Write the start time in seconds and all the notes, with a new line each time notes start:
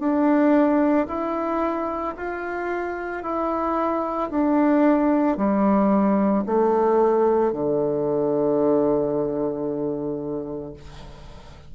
0.00 D4
1.08 E4
2.17 F4
3.23 E4
4.31 D4
5.38 G3
6.47 A3
7.52 D3